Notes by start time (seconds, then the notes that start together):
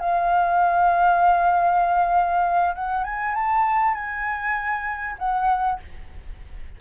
0.00 F5
2.76 F#5
3.04 G#5
3.35 A5
3.95 G#5
5.19 F#5